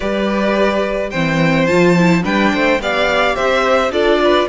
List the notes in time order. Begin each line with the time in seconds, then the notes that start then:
0.00 G3 G4 B4 D5
1.10 E3 C4 C5 G5
1.66 F3 F4 A5
1.97 E4
2.22 G3 D4 B4 G5
2.53 A3 C5
2.79 B3 G4 D5 F5
3.35 C4 C5 E5
3.90 D4 F4 A4 D5
4.24 B4